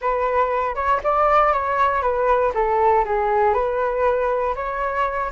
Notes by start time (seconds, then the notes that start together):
0.01 B4
0.75 C#5
1.03 D5
1.52 C#5
2.02 B4
2.54 A4
3.05 G#4
3.53 B4
4.55 C#5